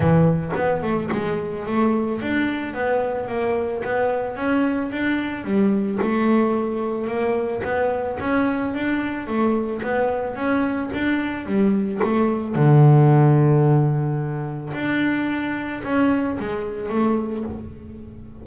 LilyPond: \new Staff \with { instrumentName = "double bass" } { \time 4/4 \tempo 4 = 110 e4 b8 a8 gis4 a4 | d'4 b4 ais4 b4 | cis'4 d'4 g4 a4~ | a4 ais4 b4 cis'4 |
d'4 a4 b4 cis'4 | d'4 g4 a4 d4~ | d2. d'4~ | d'4 cis'4 gis4 a4 | }